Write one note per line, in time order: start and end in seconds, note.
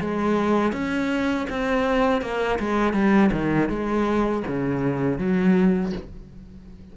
0.00 0.72 G#3
0.72 1.46 C#4
1.49 2.22 C4
2.22 2.59 A#3
2.59 2.93 G#3
2.93 3.30 G3
3.32 3.69 D#3
3.69 4.43 G#3
4.47 5.18 C#3
5.18 5.92 F#3